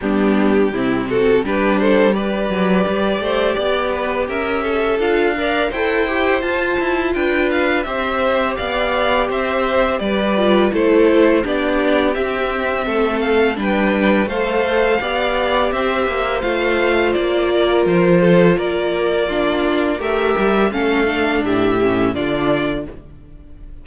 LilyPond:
<<
  \new Staff \with { instrumentName = "violin" } { \time 4/4 \tempo 4 = 84 g'4. a'8 b'8 c''8 d''4~ | d''2 e''4 f''4 | g''4 a''4 g''8 f''8 e''4 | f''4 e''4 d''4 c''4 |
d''4 e''4. f''8 g''4 | f''2 e''4 f''4 | d''4 c''4 d''2 | e''4 f''4 e''4 d''4 | }
  \new Staff \with { instrumentName = "violin" } { \time 4/4 d'4 e'8 fis'8 g'8 a'8 b'4~ | b'8 c''8 d''8 b'8 ais'8 a'4 d''8 | c''2 b'4 c''4 | d''4 c''4 b'4 a'4 |
g'2 a'4 b'4 | c''4 d''4 c''2~ | c''8 ais'4 a'8 ais'4 f'4 | ais'4 a'4 g'4 f'4 | }
  \new Staff \with { instrumentName = "viola" } { \time 4/4 b4 c'4 d'4 g'4~ | g'2. f'8 ais'8 | a'8 g'8 f'2 g'4~ | g'2~ g'8 f'8 e'4 |
d'4 c'2 d'4 | a'4 g'2 f'4~ | f'2. d'4 | g'4 cis'8 d'4 cis'8 d'4 | }
  \new Staff \with { instrumentName = "cello" } { \time 4/4 g4 c4 g4. fis8 | g8 a8 b4 cis'4 d'4 | e'4 f'8 e'8 d'4 c'4 | b4 c'4 g4 a4 |
b4 c'4 a4 g4 | a4 b4 c'8 ais8 a4 | ais4 f4 ais2 | a8 g8 a4 a,4 d4 | }
>>